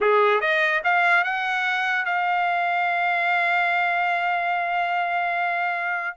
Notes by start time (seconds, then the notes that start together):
0.00 G#4
0.41 D#5
0.84 F5
1.23 F#5
2.05 F5